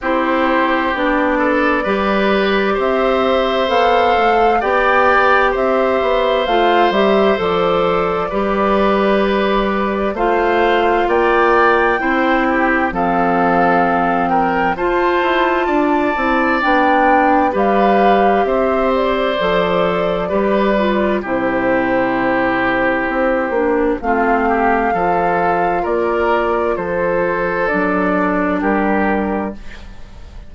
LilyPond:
<<
  \new Staff \with { instrumentName = "flute" } { \time 4/4 \tempo 4 = 65 c''4 d''2 e''4 | f''4 g''4 e''4 f''8 e''8 | d''2. f''4 | g''2 f''4. g''8 |
a''2 g''4 f''4 | e''8 d''2~ d''8 c''4~ | c''2 f''2 | d''4 c''4 d''4 ais'4 | }
  \new Staff \with { instrumentName = "oboe" } { \time 4/4 g'4. a'8 b'4 c''4~ | c''4 d''4 c''2~ | c''4 b'2 c''4 | d''4 c''8 g'8 a'4. ais'8 |
c''4 d''2 b'4 | c''2 b'4 g'4~ | g'2 f'8 g'8 a'4 | ais'4 a'2 g'4 | }
  \new Staff \with { instrumentName = "clarinet" } { \time 4/4 e'4 d'4 g'2 | a'4 g'2 f'8 g'8 | a'4 g'2 f'4~ | f'4 e'4 c'2 |
f'4. e'8 d'4 g'4~ | g'4 a'4 g'8 f'8 e'4~ | e'4. d'8 c'4 f'4~ | f'2 d'2 | }
  \new Staff \with { instrumentName = "bassoon" } { \time 4/4 c'4 b4 g4 c'4 | b8 a8 b4 c'8 b8 a8 g8 | f4 g2 a4 | ais4 c'4 f2 |
f'8 e'8 d'8 c'8 b4 g4 | c'4 f4 g4 c4~ | c4 c'8 ais8 a4 f4 | ais4 f4 fis4 g4 | }
>>